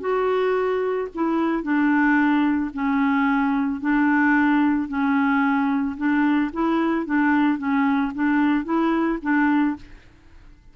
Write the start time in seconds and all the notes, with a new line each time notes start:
0.00 F#4
1.14 E4
1.63 D4
2.74 C#4
3.81 D4
4.88 C#4
5.97 D4
6.53 E4
7.06 D4
7.58 C#4
8.14 D4
8.65 E4
9.22 D4